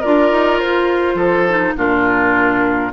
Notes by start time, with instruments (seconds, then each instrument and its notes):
0.00 bassoon D4, clarinet F4, oboe A#4, flute D5
0.31 bassoon D#4
0.59 bassoon F4, flute C5
1.14 bassoon F3, oboe A4
1.49 clarinet D#4
1.77 bassoon A#2, clarinet D4, oboe F4, flute A#4